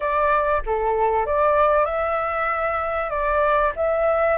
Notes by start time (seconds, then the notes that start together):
0.00 D5
0.66 A4
1.26 D5
1.85 E5
3.09 D5
3.76 E5